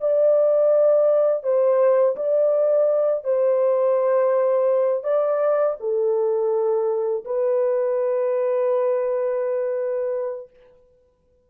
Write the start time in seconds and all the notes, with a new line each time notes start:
0.00 D5
1.43 C5
2.16 D5
3.24 C5
5.03 D5
5.79 A4
7.24 B4